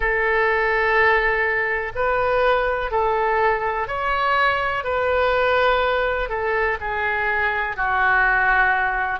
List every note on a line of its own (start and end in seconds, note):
0.00 1.92 A4
1.95 2.91 B4
2.91 3.87 A4
3.87 4.84 C#5
4.84 6.29 B4
6.29 6.77 A4
6.80 7.76 G#4
7.76 9.19 F#4